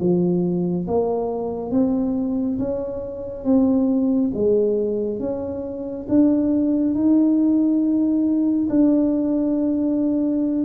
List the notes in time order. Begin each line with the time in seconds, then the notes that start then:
0.00 F3
0.88 A#3
1.72 C4
2.59 C#4
3.45 C4
4.34 G#3
5.20 C#4
6.09 D4
6.94 D#4
8.70 D4